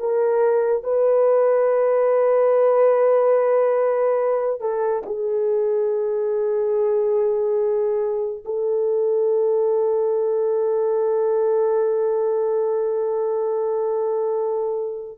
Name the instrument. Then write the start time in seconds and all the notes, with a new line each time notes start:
horn
0.00 A#4
0.84 B4
4.61 A4
5.06 G#4
8.45 A4